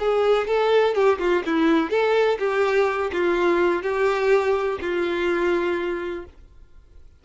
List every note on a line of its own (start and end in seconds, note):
0.00 0.48 G#4
0.48 0.95 A4
0.95 1.19 G4
1.20 1.44 F4
1.46 1.90 E4
1.90 2.38 A4
2.40 3.12 G4
3.13 3.83 F4
3.83 4.79 G4
4.81 6.25 F4